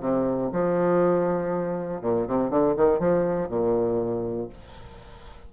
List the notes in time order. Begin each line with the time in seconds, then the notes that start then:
0.00 C3
0.52 F3
2.01 A#2
2.27 C3
2.50 D3
2.76 D#3
2.99 F3
3.49 A#2